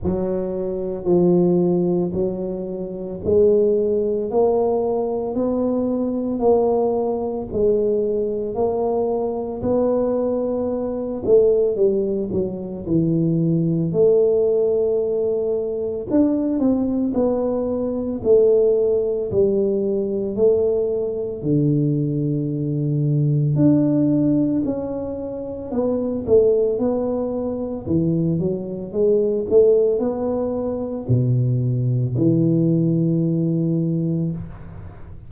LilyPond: \new Staff \with { instrumentName = "tuba" } { \time 4/4 \tempo 4 = 56 fis4 f4 fis4 gis4 | ais4 b4 ais4 gis4 | ais4 b4. a8 g8 fis8 | e4 a2 d'8 c'8 |
b4 a4 g4 a4 | d2 d'4 cis'4 | b8 a8 b4 e8 fis8 gis8 a8 | b4 b,4 e2 | }